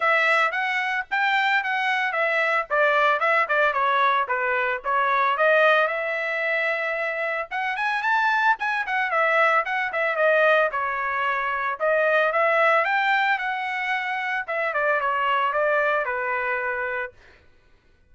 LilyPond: \new Staff \with { instrumentName = "trumpet" } { \time 4/4 \tempo 4 = 112 e''4 fis''4 g''4 fis''4 | e''4 d''4 e''8 d''8 cis''4 | b'4 cis''4 dis''4 e''4~ | e''2 fis''8 gis''8 a''4 |
gis''8 fis''8 e''4 fis''8 e''8 dis''4 | cis''2 dis''4 e''4 | g''4 fis''2 e''8 d''8 | cis''4 d''4 b'2 | }